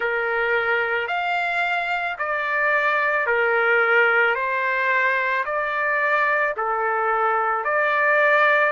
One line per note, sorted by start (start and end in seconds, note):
0.00 1.07 A#4
1.07 2.16 F5
2.18 3.26 D5
3.26 4.35 A#4
4.35 5.44 C5
5.45 6.54 D5
6.57 7.64 A4
7.64 8.72 D5